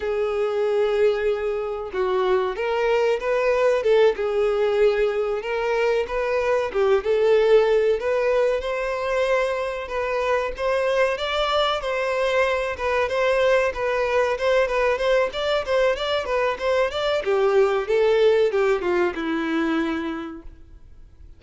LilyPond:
\new Staff \with { instrumentName = "violin" } { \time 4/4 \tempo 4 = 94 gis'2. fis'4 | ais'4 b'4 a'8 gis'4.~ | gis'8 ais'4 b'4 g'8 a'4~ | a'8 b'4 c''2 b'8~ |
b'8 c''4 d''4 c''4. | b'8 c''4 b'4 c''8 b'8 c''8 | d''8 c''8 d''8 b'8 c''8 d''8 g'4 | a'4 g'8 f'8 e'2 | }